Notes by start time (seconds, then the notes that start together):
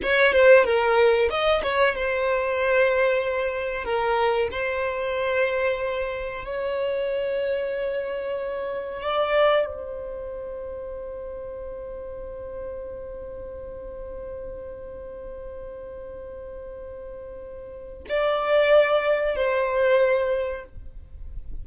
0.02 C#5
0.32 C5
0.64 A#4
1.29 D#5
1.62 C#5
1.95 C5
3.84 A#4
4.51 C5
6.45 C#5
9.01 D5
9.66 C5
18.09 D5
19.35 C5